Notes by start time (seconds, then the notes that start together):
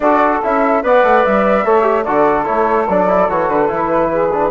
0.00 D4 F#4 A4 D5
0.43 C#4 E4 E5
0.83 B3 B4 D5 F#5
1.03 A3
1.24 G3 E5
1.64 A3 A4 C#5
1.82 G4
2.03 D3 F#4 A4 D5
2.44 A3 E4 C#5
2.88 F#3 D4 D5
3.07 E4
3.29 E3 F#4 C#5
3.48 D3 B4
3.68 E3 E4
4.12 G#4
4.32 D4